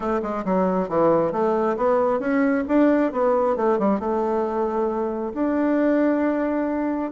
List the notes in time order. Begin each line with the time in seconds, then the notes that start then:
0.00 A3
0.22 G#3
0.44 F#3
0.88 E3
1.32 A3
1.77 B3
2.19 C#4
2.68 D4
3.12 B3
3.56 A3
3.78 G3
3.99 A3
5.33 D4